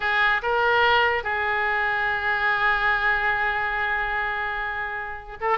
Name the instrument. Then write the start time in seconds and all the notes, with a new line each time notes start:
oboe
0.00 G#4
0.42 A#4
1.23 G#4
5.40 A4